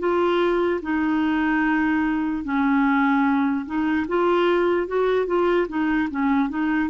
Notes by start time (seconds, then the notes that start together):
0.00 F4
0.82 D#4
2.44 C#4
3.66 D#4
4.09 F4
4.88 F#4
5.27 F4
5.69 D#4
6.11 C#4
6.50 D#4